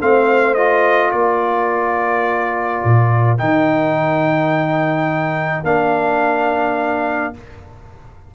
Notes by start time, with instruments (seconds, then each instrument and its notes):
0.00 tuba A3, trombone C4, horn C5, trumpet F5
0.55 trombone F4, trumpet D#5
1.12 tuba A#3, horn A#4, trumpet D5
2.85 tuba A#2
3.39 tuba D#3, trombone D#4, trumpet G5
5.64 tuba A#3, trombone D4, trumpet F5